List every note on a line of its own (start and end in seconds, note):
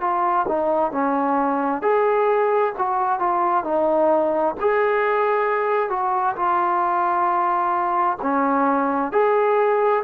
0.00 0.45 F4
0.48 0.91 D#4
0.91 1.82 C#4
1.82 2.73 G#4
2.78 3.19 F#4
3.19 3.64 F4
3.64 4.55 D#4
4.60 5.89 G#4
5.89 6.35 F#4
6.36 8.17 F4
8.22 9.12 C#4
9.12 10.03 G#4